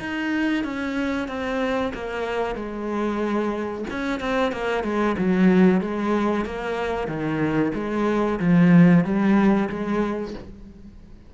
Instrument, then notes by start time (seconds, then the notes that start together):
cello
0.00 D#4
0.64 C#4
1.28 C4
1.94 A#3
2.56 G#3
3.91 C#4
4.21 C4
4.52 A#3
4.84 G#3
5.18 F#3
5.81 G#3
6.46 A#3
7.08 D#3
7.75 G#3
8.40 F3
9.05 G3
9.70 G#3